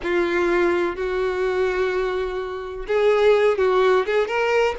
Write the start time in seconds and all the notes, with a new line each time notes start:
0.02 F4
0.96 F#4
2.87 G#4
3.58 F#4
4.06 G#4
4.27 A#4